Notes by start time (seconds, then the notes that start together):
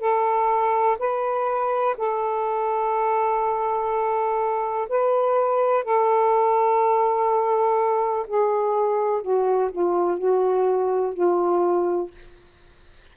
0.00 A4
0.99 B4
1.97 A4
4.88 B4
5.84 A4
8.27 G#4
9.22 F#4
9.71 F4
10.17 F#4
11.13 F4